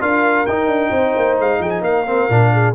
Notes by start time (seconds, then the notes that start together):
0.00 D4 F4 A#4 F5
0.46 D#4 G5
0.68 D4
0.91 C4 C5
1.17 A#3
1.39 G#3 F5
1.59 F3 G#4 G5
1.70 G#5
1.81 A#3 A#4 F5
2.06 C4
2.29 A#2 D4
2.53 G#4